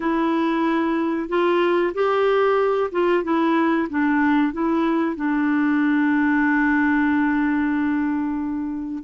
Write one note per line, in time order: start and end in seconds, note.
0.00 1.28 E4
1.28 1.93 F4
1.94 2.90 G4
2.91 3.23 F4
3.23 3.88 E4
3.89 4.52 D4
4.52 5.16 E4
5.16 9.03 D4